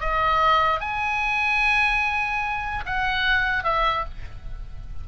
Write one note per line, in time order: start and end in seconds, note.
0.00 0.80 D#5
0.80 2.84 G#5
2.86 3.64 F#5
3.64 4.05 E5